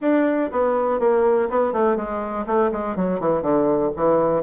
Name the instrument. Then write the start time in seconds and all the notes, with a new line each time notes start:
bassoon
0.01 D4
0.51 B3
0.99 A#3
1.49 B3
1.72 A3
1.96 G#3
2.46 A3
2.71 G#3
2.96 F#3
3.20 E3
3.42 D3
3.95 E3